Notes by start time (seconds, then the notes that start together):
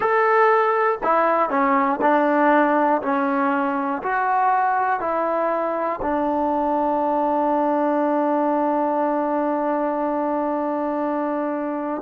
0.00 A4
1.03 E4
1.49 C#4
2.01 D4
3.01 C#4
4.02 F#4
5.00 E4
6.01 D4